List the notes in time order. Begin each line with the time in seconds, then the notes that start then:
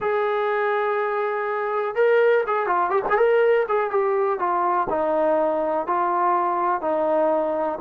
0.00 G#4
1.95 A#4
2.46 G#4
2.66 F4
2.90 G4
3.09 G#4
3.17 A#4
3.68 G#4
3.90 G4
4.39 F4
4.89 D#4
5.87 F4
6.81 D#4